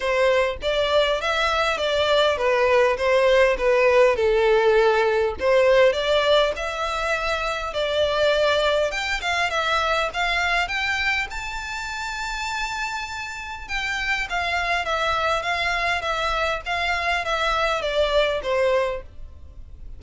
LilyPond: \new Staff \with { instrumentName = "violin" } { \time 4/4 \tempo 4 = 101 c''4 d''4 e''4 d''4 | b'4 c''4 b'4 a'4~ | a'4 c''4 d''4 e''4~ | e''4 d''2 g''8 f''8 |
e''4 f''4 g''4 a''4~ | a''2. g''4 | f''4 e''4 f''4 e''4 | f''4 e''4 d''4 c''4 | }